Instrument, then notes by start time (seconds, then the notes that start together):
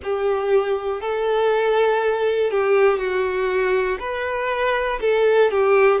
violin
0.03 G4
1.01 A4
2.50 G4
2.98 F#4
4.00 B4
5.00 A4
5.50 G4